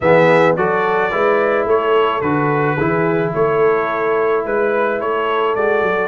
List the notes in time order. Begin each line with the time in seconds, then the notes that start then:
0.00 E3 B3 G#4 E5
0.56 F#3 F#4 A4 D5
1.11 G#3 E4 B4
1.65 A3 A4 C#5
2.21 D3 F#4 B4
2.76 E3 E4 G#4
3.34 A3 A4 C#5
4.44 G#3 B4
5.00 A3 A4 C#5
5.55 G#3 F#4 D5
5.81 F#3